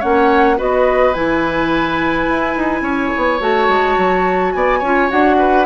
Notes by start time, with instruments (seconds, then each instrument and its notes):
0.00 bassoon A#3, clarinet C#4, oboe C#5, flute F#5
0.57 bassoon B3, clarinet F#4, oboe B4, flute D#5
1.14 bassoon E3, clarinet E4, flute G#5
2.28 bassoon E4
2.57 bassoon D#4
2.81 bassoon C#4, oboe C#5
3.17 bassoon B3
3.40 bassoon A3, clarinet F#4, flute A5
3.68 bassoon G#3
3.98 bassoon F#3
4.53 bassoon B3, oboe D5, flute G#5
4.79 bassoon C#4, clarinet F4, oboe C#5
5.09 bassoon D4, clarinet F#4, flute F#5
5.39 oboe B4